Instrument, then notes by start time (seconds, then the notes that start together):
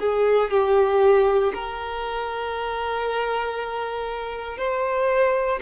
violin
0.00 G#4
0.51 G4
1.54 A#4
4.58 C5